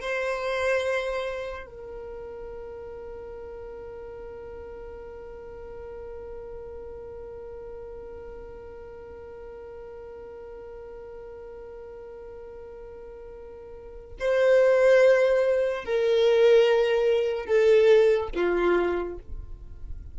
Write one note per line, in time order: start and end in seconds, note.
0.00 1.66 C5
1.66 14.16 A#4
14.19 15.84 C5
15.84 17.45 A#4
17.45 18.29 A4
18.35 19.18 F4